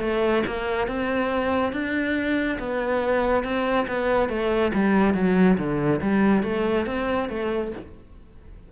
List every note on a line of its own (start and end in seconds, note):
0.00 0.43 A3
0.46 0.87 A#3
0.87 1.72 C4
1.72 2.58 D4
2.58 3.43 B3
3.43 3.86 C4
3.87 4.29 B3
4.29 4.71 A3
4.73 5.14 G3
5.14 5.57 F#3
5.58 6.00 D3
6.01 6.43 G3
6.43 6.86 A3
6.86 7.29 C4
7.29 7.71 A3